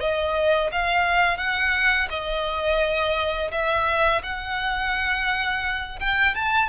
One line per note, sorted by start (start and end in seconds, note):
0.00 0.71 D#5
0.72 1.37 F5
1.37 2.08 F#5
2.10 3.51 D#5
3.51 4.22 E5
4.23 5.99 F#5
6.00 6.35 G5
6.35 6.69 A5